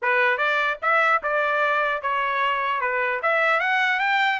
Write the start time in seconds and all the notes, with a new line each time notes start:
0.02 B4
0.37 D5
0.81 E5
1.22 D5
2.02 C#5
2.80 B4
3.22 E5
3.60 F#5
3.99 G5